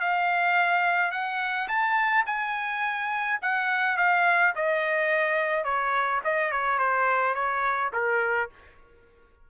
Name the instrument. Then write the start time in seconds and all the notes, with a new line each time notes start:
trumpet
0.00 F5
1.11 F#5
1.68 A5
2.26 G#5
3.42 F#5
3.97 F5
4.55 D#5
5.64 C#5
6.24 D#5
6.51 C#5
6.79 C5
7.35 C#5
7.93 A#4